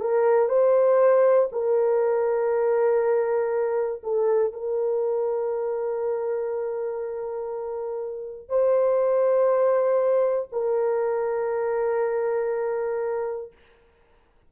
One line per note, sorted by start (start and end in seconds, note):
0.00 0.49 A#4
0.49 1.49 C5
1.52 4.02 A#4
4.03 4.52 A4
4.52 8.48 A#4
8.48 10.48 C5
10.52 13.52 A#4